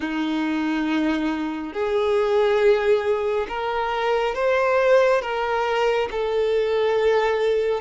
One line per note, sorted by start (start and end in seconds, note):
0.00 1.73 D#4
1.73 3.47 G#4
3.48 4.34 A#4
4.34 5.21 C5
5.21 6.08 A#4
6.11 7.81 A4